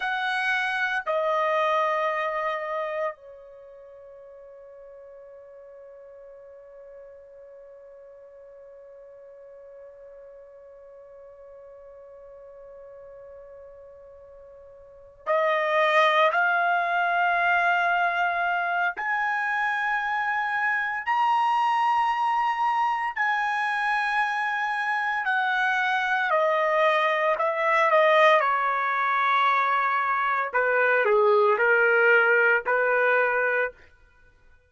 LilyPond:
\new Staff \with { instrumentName = "trumpet" } { \time 4/4 \tempo 4 = 57 fis''4 dis''2 cis''4~ | cis''1~ | cis''1~ | cis''2~ cis''8 dis''4 f''8~ |
f''2 gis''2 | ais''2 gis''2 | fis''4 dis''4 e''8 dis''8 cis''4~ | cis''4 b'8 gis'8 ais'4 b'4 | }